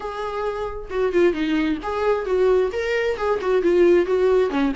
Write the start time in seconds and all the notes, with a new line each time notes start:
0.00 G#4
0.90 F#4
1.12 F4
1.33 D#4
1.82 G#4
2.25 F#4
2.72 A#4
3.17 G#4
3.41 F#4
3.62 F4
4.06 F#4
4.49 C#4